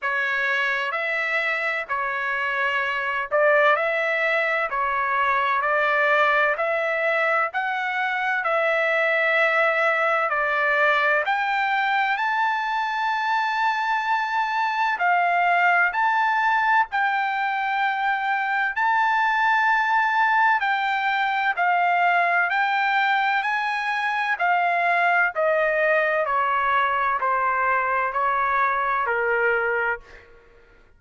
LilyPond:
\new Staff \with { instrumentName = "trumpet" } { \time 4/4 \tempo 4 = 64 cis''4 e''4 cis''4. d''8 | e''4 cis''4 d''4 e''4 | fis''4 e''2 d''4 | g''4 a''2. |
f''4 a''4 g''2 | a''2 g''4 f''4 | g''4 gis''4 f''4 dis''4 | cis''4 c''4 cis''4 ais'4 | }